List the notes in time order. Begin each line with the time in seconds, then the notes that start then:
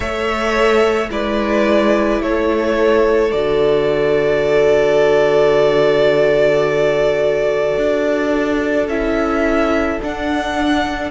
0.00 A3 A4 C#5 E5
1.09 G#3 E4 B4 D5
2.21 A3 A4 C#5
3.31 D3 F#4 D5
7.77 D4
8.87 C#4 E4 E5
10.00 D4 F#5